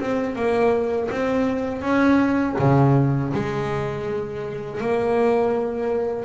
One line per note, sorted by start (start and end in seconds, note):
0.00 0.35 C4
0.35 1.09 A#3
1.11 1.81 C4
1.81 2.56 C#4
2.58 3.32 C#3
3.33 4.80 G#3
4.80 6.25 A#3